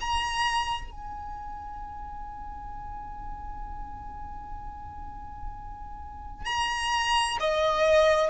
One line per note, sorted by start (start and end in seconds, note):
0.00 0.91 A#5
0.91 6.45 G#5
6.45 7.37 A#5
7.40 8.30 D#5